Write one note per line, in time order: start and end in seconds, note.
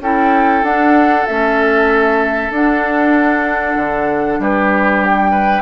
0.00 0.62 C#4
0.00 0.64 E4
0.00 4.40 A4
0.00 0.64 G5
0.63 1.25 D4
0.63 1.27 D4
0.63 1.26 F#5
1.26 2.50 A3
1.26 2.52 C#4
1.26 2.51 E5
2.50 3.75 D4
2.50 5.61 D4
2.50 4.42 F#5
3.76 4.38 D3
4.39 5.61 G3
4.39 5.31 G4
4.39 5.04 B4
5.04 5.61 G5
5.31 5.61 B4